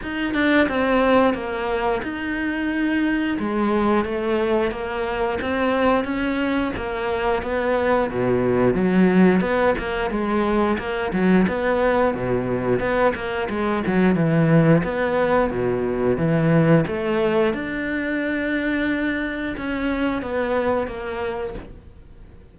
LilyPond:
\new Staff \with { instrumentName = "cello" } { \time 4/4 \tempo 4 = 89 dis'8 d'8 c'4 ais4 dis'4~ | dis'4 gis4 a4 ais4 | c'4 cis'4 ais4 b4 | b,4 fis4 b8 ais8 gis4 |
ais8 fis8 b4 b,4 b8 ais8 | gis8 fis8 e4 b4 b,4 | e4 a4 d'2~ | d'4 cis'4 b4 ais4 | }